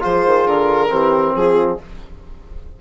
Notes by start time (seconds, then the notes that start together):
0.00 F3 F4 G#4 C5
0.26 D#3
0.46 D3 A#4
0.90 E3 C4 G4
1.35 F3 F4 G#4